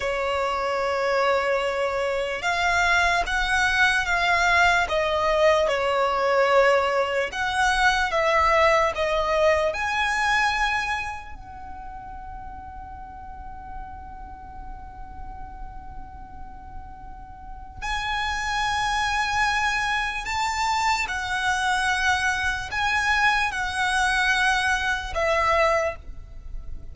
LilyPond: \new Staff \with { instrumentName = "violin" } { \time 4/4 \tempo 4 = 74 cis''2. f''4 | fis''4 f''4 dis''4 cis''4~ | cis''4 fis''4 e''4 dis''4 | gis''2 fis''2~ |
fis''1~ | fis''2 gis''2~ | gis''4 a''4 fis''2 | gis''4 fis''2 e''4 | }